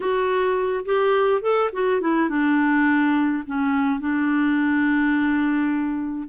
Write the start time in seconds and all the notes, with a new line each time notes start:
0.00 F#4
0.85 G4
1.41 A4
1.72 F#4
2.00 E4
2.29 D4
3.46 C#4
3.99 D4